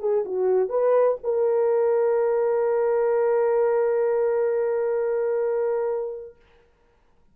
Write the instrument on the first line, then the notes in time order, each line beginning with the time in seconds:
horn
0.00 G#4
0.25 F#4
0.69 B4
1.24 A#4